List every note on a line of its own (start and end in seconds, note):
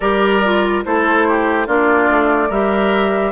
0.00 0.84 G3
0.00 0.42 G4
0.00 0.84 A#4
0.00 0.82 D5
0.43 0.84 F4
0.84 1.67 A3
0.84 1.66 E4
0.84 1.27 A4
0.84 1.67 C5
1.28 1.67 G4
1.66 2.09 A#3
1.66 2.49 D4
1.66 2.48 F4
1.66 2.51 D5
2.09 2.49 A3
2.48 3.32 G3
2.48 3.32 G4
2.48 3.32 A#4
2.48 3.32 E5